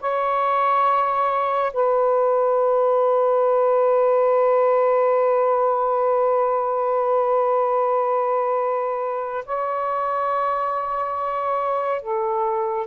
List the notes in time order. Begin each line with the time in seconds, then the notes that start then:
0.00 C#5
1.73 B4
9.46 C#5
12.01 A4